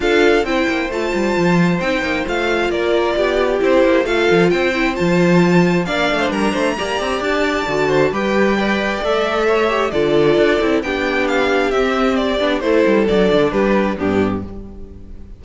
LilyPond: <<
  \new Staff \with { instrumentName = "violin" } { \time 4/4 \tempo 4 = 133 f''4 g''4 a''2 | g''4 f''4 d''2 | c''4 f''4 g''4 a''4~ | a''4 f''4 ais''2 |
a''2 g''2 | e''2 d''2 | g''4 f''4 e''4 d''4 | c''4 d''4 b'4 g'4 | }
  \new Staff \with { instrumentName = "violin" } { \time 4/4 a'4 c''2.~ | c''2 ais'4 g'4~ | g'4 a'4 c''2~ | c''4 d''8. c''16 ais'8 c''8 d''4~ |
d''4. c''8 b'4 d''4~ | d''4 cis''4 a'2 | g'1 | a'2 g'4 d'4 | }
  \new Staff \with { instrumentName = "viola" } { \time 4/4 f'4 e'4 f'2 | dis'4 f'2. | e'4 f'4. e'8 f'4~ | f'4 d'2 g'4~ |
g'4 fis'4 g'4 b'4 | a'4. g'8 f'4. e'8 | d'2 c'4. d'8 | e'4 d'2 b4 | }
  \new Staff \with { instrumentName = "cello" } { \time 4/4 d'4 c'8 ais8 a8 g8 f4 | c'8 ais8 a4 ais4 b4 | c'8 ais8 a8 f8 c'4 f4~ | f4 ais8 a8 g8 a8 ais8 c'8 |
d'4 d4 g2 | a2 d4 d'8 c'8 | b2 c'4. b8 | a8 g8 fis8 d8 g4 g,4 | }
>>